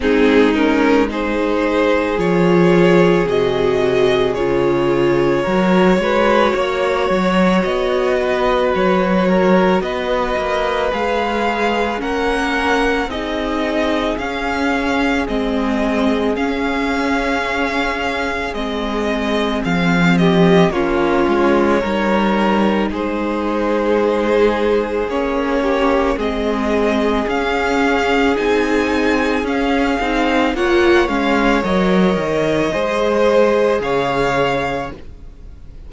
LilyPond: <<
  \new Staff \with { instrumentName = "violin" } { \time 4/4 \tempo 4 = 55 gis'8 ais'8 c''4 cis''4 dis''4 | cis''2. dis''4 | cis''4 dis''4 f''4 fis''4 | dis''4 f''4 dis''4 f''4~ |
f''4 dis''4 f''8 dis''8 cis''4~ | cis''4 c''2 cis''4 | dis''4 f''4 gis''4 f''4 | fis''8 f''8 dis''2 f''4 | }
  \new Staff \with { instrumentName = "violin" } { \time 4/4 dis'4 gis'2.~ | gis'4 ais'8 b'8 cis''4. b'8~ | b'8 ais'8 b'2 ais'4 | gis'1~ |
gis'2~ gis'8 g'8 f'4 | ais'4 gis'2~ gis'8 g'8 | gis'1 | cis''2 c''4 cis''4 | }
  \new Staff \with { instrumentName = "viola" } { \time 4/4 c'8 cis'8 dis'4 f'4 fis'4 | f'4 fis'2.~ | fis'2 gis'4 cis'4 | dis'4 cis'4 c'4 cis'4~ |
cis'4 c'2 cis'4 | dis'2. cis'4 | c'4 cis'4 dis'4 cis'8 dis'8 | f'8 cis'8 ais'4 gis'2 | }
  \new Staff \with { instrumentName = "cello" } { \time 4/4 gis2 f4 c4 | cis4 fis8 gis8 ais8 fis8 b4 | fis4 b8 ais8 gis4 ais4 | c'4 cis'4 gis4 cis'4~ |
cis'4 gis4 f4 ais8 gis8 | g4 gis2 ais4 | gis4 cis'4 c'4 cis'8 c'8 | ais8 gis8 fis8 dis8 gis4 cis4 | }
>>